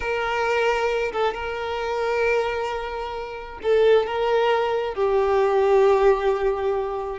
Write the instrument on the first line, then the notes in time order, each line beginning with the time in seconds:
violin
0.00 A#4
1.12 A4
1.34 A#4
3.62 A4
4.06 A#4
4.94 G4